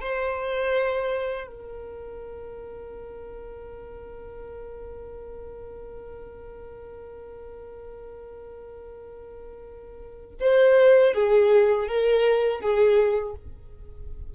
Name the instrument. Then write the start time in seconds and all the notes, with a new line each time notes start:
violin
0.00 C5
1.46 A#4
10.40 C5
11.13 G#4
11.87 A#4
12.60 G#4